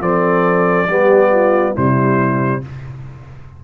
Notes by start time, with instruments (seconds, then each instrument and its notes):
0.00 tuba F3, trombone C4, horn A4, trumpet D5
0.88 tuba G3, trombone B3, horn G4
1.31 horn F4
1.73 tuba C3, trombone G3, horn E4, trumpet C5